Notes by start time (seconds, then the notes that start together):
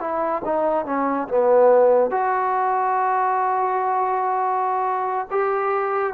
0.00 E4
0.45 D#4
0.86 C#4
1.28 B3
2.10 F#4
5.31 G4